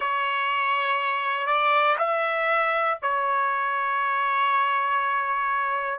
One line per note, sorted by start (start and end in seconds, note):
0.00 1.46 C#5
1.46 1.96 D5
1.98 2.98 E5
3.01 5.99 C#5